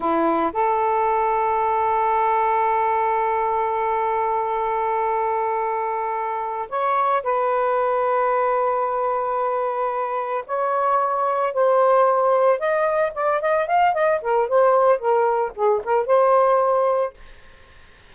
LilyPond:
\new Staff \with { instrumentName = "saxophone" } { \time 4/4 \tempo 4 = 112 e'4 a'2.~ | a'1~ | a'1~ | a'8 cis''4 b'2~ b'8~ |
b'2.~ b'8 cis''8~ | cis''4. c''2 dis''8~ | dis''8 d''8 dis''8 f''8 dis''8 ais'8 c''4 | ais'4 gis'8 ais'8 c''2 | }